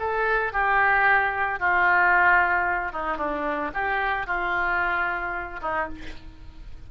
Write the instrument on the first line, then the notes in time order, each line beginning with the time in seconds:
oboe
0.00 A4
0.53 G4
1.60 F4
2.92 D#4
3.18 D4
3.74 G4
4.27 F4
5.62 D#4